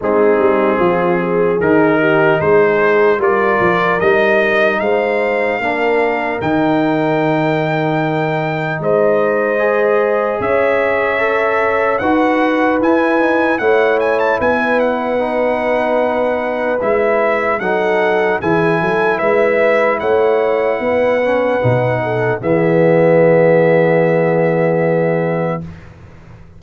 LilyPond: <<
  \new Staff \with { instrumentName = "trumpet" } { \time 4/4 \tempo 4 = 75 gis'2 ais'4 c''4 | d''4 dis''4 f''2 | g''2. dis''4~ | dis''4 e''2 fis''4 |
gis''4 fis''8 gis''16 a''16 gis''8 fis''4.~ | fis''4 e''4 fis''4 gis''4 | e''4 fis''2. | e''1 | }
  \new Staff \with { instrumentName = "horn" } { \time 4/4 dis'4 f'8 gis'4 g'8 gis'4 | ais'2 c''4 ais'4~ | ais'2. c''4~ | c''4 cis''2 b'4~ |
b'4 cis''4 b'2~ | b'2 a'4 gis'8 a'8 | b'4 cis''4 b'4. a'8 | gis'1 | }
  \new Staff \with { instrumentName = "trombone" } { \time 4/4 c'2 dis'2 | f'4 dis'2 d'4 | dis'1 | gis'2 a'4 fis'4 |
e'8 dis'8 e'2 dis'4~ | dis'4 e'4 dis'4 e'4~ | e'2~ e'8 cis'8 dis'4 | b1 | }
  \new Staff \with { instrumentName = "tuba" } { \time 4/4 gis8 g8 f4 dis4 gis4 | g8 f8 g4 gis4 ais4 | dis2. gis4~ | gis4 cis'2 dis'4 |
e'4 a4 b2~ | b4 gis4 fis4 e8 fis8 | gis4 a4 b4 b,4 | e1 | }
>>